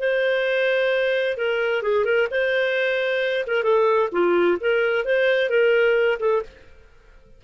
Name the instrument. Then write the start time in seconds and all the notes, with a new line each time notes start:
clarinet
0.00 C5
1.38 A#4
1.83 G#4
2.05 A#4
2.31 C5
3.47 A#4
3.64 A4
4.12 F4
4.61 A#4
5.05 C5
5.50 A#4
6.20 A4